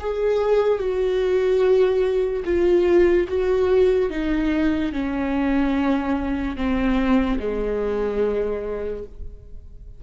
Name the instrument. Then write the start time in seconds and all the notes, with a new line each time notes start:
viola
0.00 G#4
0.79 F#4
2.45 F4
3.28 F#4
4.11 D#4
4.93 C#4
6.57 C4
7.39 G#3